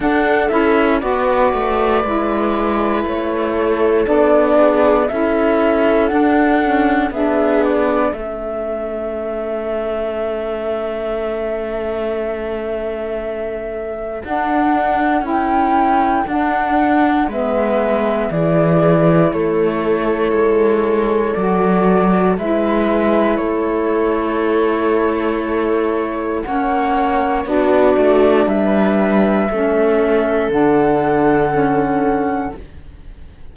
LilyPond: <<
  \new Staff \with { instrumentName = "flute" } { \time 4/4 \tempo 4 = 59 fis''8 e''8 d''2 cis''4 | d''4 e''4 fis''4 e''8 d''8 | e''1~ | e''2 fis''4 g''4 |
fis''4 e''4 d''4 cis''4~ | cis''4 d''4 e''4 cis''4~ | cis''2 fis''4 d''4 | e''2 fis''2 | }
  \new Staff \with { instrumentName = "viola" } { \time 4/4 a'4 b'2~ b'8 a'8~ | a'8 gis'8 a'2 gis'4 | a'1~ | a'1~ |
a'4 b'4 gis'4 a'4~ | a'2 b'4 a'4~ | a'2 cis''4 fis'4 | b'4 a'2. | }
  \new Staff \with { instrumentName = "saxophone" } { \time 4/4 d'8 e'8 fis'4 e'2 | d'4 e'4 d'8 cis'8 d'4 | cis'1~ | cis'2 d'4 e'4 |
d'4 b4 e'2~ | e'4 fis'4 e'2~ | e'2 cis'4 d'4~ | d'4 cis'4 d'4 cis'4 | }
  \new Staff \with { instrumentName = "cello" } { \time 4/4 d'8 cis'8 b8 a8 gis4 a4 | b4 cis'4 d'4 b4 | a1~ | a2 d'4 cis'4 |
d'4 gis4 e4 a4 | gis4 fis4 gis4 a4~ | a2 ais4 b8 a8 | g4 a4 d2 | }
>>